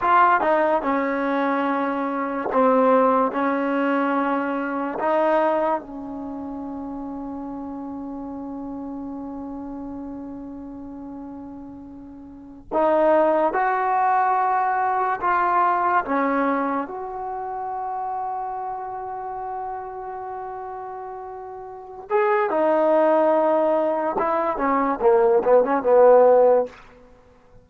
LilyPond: \new Staff \with { instrumentName = "trombone" } { \time 4/4 \tempo 4 = 72 f'8 dis'8 cis'2 c'4 | cis'2 dis'4 cis'4~ | cis'1~ | cis'2.~ cis'16 dis'8.~ |
dis'16 fis'2 f'4 cis'8.~ | cis'16 fis'2.~ fis'8.~ | fis'2~ fis'8 gis'8 dis'4~ | dis'4 e'8 cis'8 ais8 b16 cis'16 b4 | }